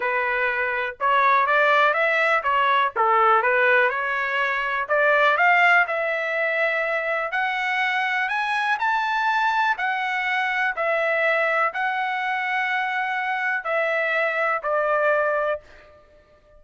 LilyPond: \new Staff \with { instrumentName = "trumpet" } { \time 4/4 \tempo 4 = 123 b'2 cis''4 d''4 | e''4 cis''4 a'4 b'4 | cis''2 d''4 f''4 | e''2. fis''4~ |
fis''4 gis''4 a''2 | fis''2 e''2 | fis''1 | e''2 d''2 | }